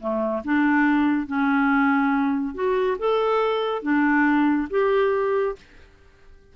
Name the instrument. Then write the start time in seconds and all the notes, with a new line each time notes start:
clarinet
0.00 A3
0.44 D4
1.27 C#4
2.54 F#4
2.99 A4
3.82 D4
4.70 G4